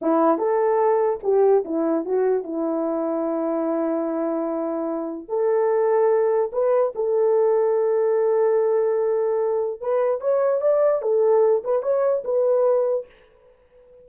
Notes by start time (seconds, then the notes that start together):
0.01 E4
0.38 A4
1.23 G4
1.64 E4
2.05 F#4
2.43 E4
5.28 A4
6.52 B4
6.95 A4
9.80 B4
10.20 C#5
10.61 D5
11.02 A4
11.63 B4
11.82 C#5
12.24 B4